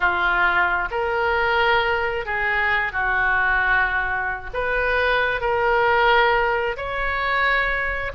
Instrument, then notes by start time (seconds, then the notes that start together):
oboe
0.00 F4
0.90 A#4
2.25 G#4
2.92 F#4
4.53 B4
5.41 A#4
6.76 C#5